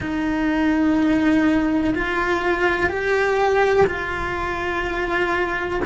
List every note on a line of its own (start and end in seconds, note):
0.00 1.94 D#4
1.94 2.89 F4
2.89 3.85 G4
3.86 5.79 F4